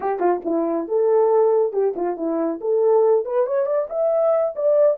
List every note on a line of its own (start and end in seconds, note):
0.00 0.19 G4
0.19 0.41 F4
0.45 0.88 E4
0.88 1.72 A4
1.72 1.94 G4
1.96 2.16 F4
2.16 2.59 E4
2.60 3.25 A4
3.25 3.46 B4
3.46 3.66 C#5
3.66 3.87 D5
3.89 4.54 E5
4.55 4.97 D5